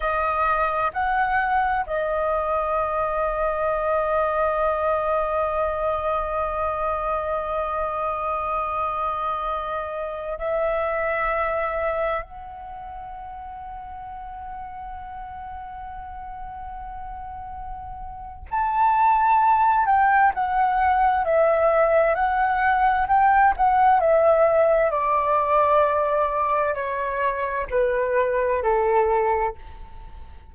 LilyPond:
\new Staff \with { instrumentName = "flute" } { \time 4/4 \tempo 4 = 65 dis''4 fis''4 dis''2~ | dis''1~ | dis''2.~ dis''16 e''8.~ | e''4~ e''16 fis''2~ fis''8.~ |
fis''1 | a''4. g''8 fis''4 e''4 | fis''4 g''8 fis''8 e''4 d''4~ | d''4 cis''4 b'4 a'4 | }